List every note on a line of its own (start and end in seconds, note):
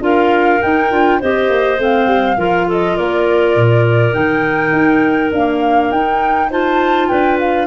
0.00 0.59 D4
0.00 0.59 F4
0.00 1.19 A#4
0.00 0.62 F5
0.62 0.92 D#4
0.62 0.91 D#4
0.62 1.20 G5
0.91 1.21 D4
0.91 1.20 F4
1.19 1.49 C4
1.19 1.78 G4
1.19 2.37 C5
1.19 1.80 D#5
1.49 1.78 A#3
1.78 2.06 A3
1.78 2.36 C4
1.78 2.71 F5
2.06 2.36 G3
2.37 2.96 F3
2.37 4.12 F4
2.37 2.67 A#4
2.67 2.96 A4
2.67 2.97 D#5
2.96 3.55 A#3
2.96 6.49 A#4
2.96 4.13 D5
3.55 4.14 A#2
4.12 4.72 D#3
4.12 5.30 D#4
4.12 5.31 G5
4.72 5.31 D#4
5.31 5.94 A#3
5.31 5.90 D4
5.31 5.91 F5
5.91 7.09 D#4
5.91 6.51 D#4
5.91 6.50 G5
6.50 7.67 F4
6.50 7.08 C5
6.50 7.08 A5
7.08 7.67 D4
7.08 7.67 B4
7.08 7.37 G5
7.39 7.67 F5